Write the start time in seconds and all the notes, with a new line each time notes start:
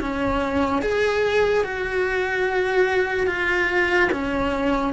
0.00 C#4
0.82 G#4
1.64 F#4
3.27 F4
4.12 C#4